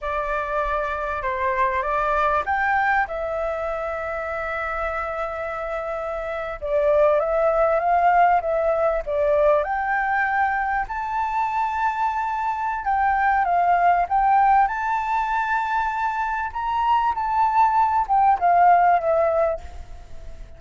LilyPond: \new Staff \with { instrumentName = "flute" } { \time 4/4 \tempo 4 = 98 d''2 c''4 d''4 | g''4 e''2.~ | e''2~ e''8. d''4 e''16~ | e''8. f''4 e''4 d''4 g''16~ |
g''4.~ g''16 a''2~ a''16~ | a''4 g''4 f''4 g''4 | a''2. ais''4 | a''4. g''8 f''4 e''4 | }